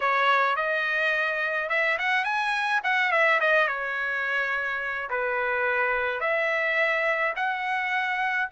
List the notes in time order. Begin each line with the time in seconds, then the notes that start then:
0.00 C#5
0.56 D#5
1.69 E5
1.98 F#5
2.24 G#5
2.83 F#5
3.11 E5
3.40 D#5
3.67 C#5
5.10 B4
6.20 E5
7.36 F#5